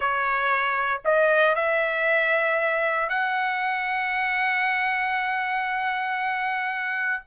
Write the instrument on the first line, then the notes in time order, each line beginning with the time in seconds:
trumpet
0.00 C#5
1.04 D#5
1.55 E5
3.09 F#5